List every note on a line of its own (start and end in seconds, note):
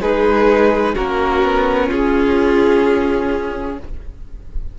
0.00 0.94 G#3
0.00 0.95 D#4
0.00 0.94 G#4
0.00 0.95 B4
0.94 1.43 A#3
0.94 3.78 C#4
0.94 1.85 F#4
0.94 1.89 A#4
1.43 1.90 B3
1.85 3.73 F4
1.85 3.78 G#4
1.91 3.79 C#4